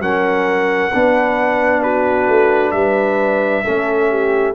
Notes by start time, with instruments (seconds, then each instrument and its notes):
0.00 tuba F#3, trombone C#4, horn A#4, trumpet F#5
0.92 tuba B3, trombone D4, horn B4
1.83 horn F#4, trumpet B4
2.28 tuba A3
2.71 tuba G3, horn B4, trumpet E5
3.65 tuba A3, trombone C#4, horn A4
4.10 horn G4